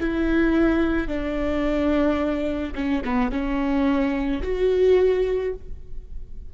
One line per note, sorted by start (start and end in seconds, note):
0.00 1.08 E4
1.08 2.74 D4
2.75 3.03 C#4
3.05 3.31 B3
3.31 4.42 C#4
4.42 5.54 F#4